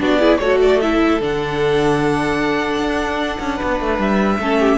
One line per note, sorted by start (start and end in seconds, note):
0.00 0.40 B3
0.00 0.20 D4
0.00 0.19 F#4
0.00 0.38 D5
0.19 0.40 E4
0.19 0.39 G#4
0.38 1.20 A3
0.38 0.81 F#4
0.38 3.57 A4
0.38 0.58 C#5
0.62 0.81 D5
0.81 1.21 E4
0.81 1.21 E5
1.20 2.78 D3
1.20 4.41 D4
1.20 4.01 F#5
2.78 3.38 D4
3.40 3.60 C#4
3.57 4.37 B4
3.63 3.81 B3
3.81 3.98 A3
3.98 4.38 G3
3.98 4.78 E5
4.39 4.78 A3
4.39 4.78 C#4
4.39 4.60 A4
4.60 4.78 G4